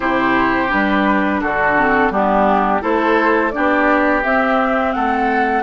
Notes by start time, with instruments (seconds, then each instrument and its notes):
0.00 bassoon C3, clarinet E4, oboe G4, flute C5
0.68 bassoon G3, clarinet D4, flute B4
1.40 bassoon D3, oboe F#4, flute A4
1.76 clarinet C4
2.09 bassoon G3, clarinet B3, oboe D4, flute G4
2.81 bassoon A3, clarinet E4, oboe A4, flute C5
3.51 bassoon B3, clarinet D4, oboe G4, flute D5
4.23 clarinet C4, bassoon C4, flute E5
4.92 bassoon A3, oboe A4, flute F#5